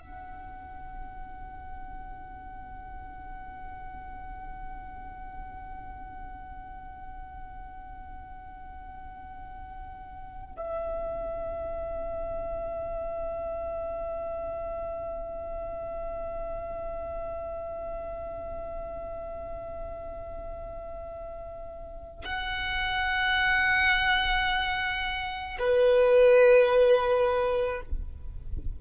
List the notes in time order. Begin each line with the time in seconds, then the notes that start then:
0.00 F#5
10.57 E5
22.25 F#5
25.59 B4